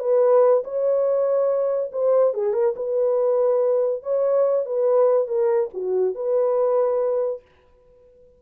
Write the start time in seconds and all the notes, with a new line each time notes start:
0.00 B4
0.64 C#5
1.92 C5
2.34 G#4
2.53 A#4
2.76 B4
4.03 C#5
4.66 B4
5.28 A#4
5.74 F#4
6.15 B4